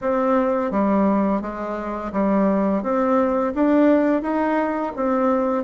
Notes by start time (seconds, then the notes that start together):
0.01 C4
0.71 G3
1.41 G#3
2.12 G3
2.82 C4
3.55 D4
4.22 D#4
4.95 C4